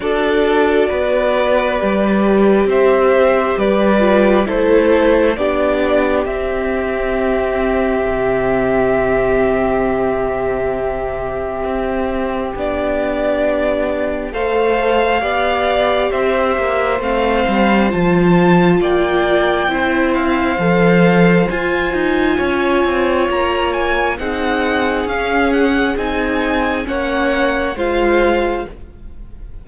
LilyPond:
<<
  \new Staff \with { instrumentName = "violin" } { \time 4/4 \tempo 4 = 67 d''2. e''4 | d''4 c''4 d''4 e''4~ | e''1~ | e''2 d''2 |
f''2 e''4 f''4 | a''4 g''4. f''4. | gis''2 ais''8 gis''8 fis''4 | f''8 fis''8 gis''4 fis''4 f''4 | }
  \new Staff \with { instrumentName = "violin" } { \time 4/4 a'4 b'2 c''4 | b'4 a'4 g'2~ | g'1~ | g'1 |
c''4 d''4 c''2~ | c''4 d''4 c''2~ | c''4 cis''2 gis'4~ | gis'2 cis''4 c''4 | }
  \new Staff \with { instrumentName = "viola" } { \time 4/4 fis'2 g'2~ | g'8 f'8 e'4 d'4 c'4~ | c'1~ | c'2 d'2 |
a'4 g'2 c'4 | f'2 e'4 a'4 | f'2. dis'4 | cis'4 dis'4 cis'4 f'4 | }
  \new Staff \with { instrumentName = "cello" } { \time 4/4 d'4 b4 g4 c'4 | g4 a4 b4 c'4~ | c'4 c2.~ | c4 c'4 b2 |
a4 b4 c'8 ais8 a8 g8 | f4 ais4 c'4 f4 | f'8 dis'8 cis'8 c'8 ais4 c'4 | cis'4 c'4 ais4 gis4 | }
>>